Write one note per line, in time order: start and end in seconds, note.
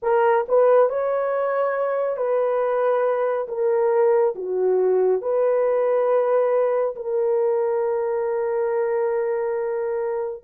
0.02 0.46 A#4
0.48 0.89 B4
0.89 2.17 C#5
2.17 3.47 B4
3.47 4.34 A#4
4.35 5.21 F#4
5.21 6.95 B4
6.95 10.43 A#4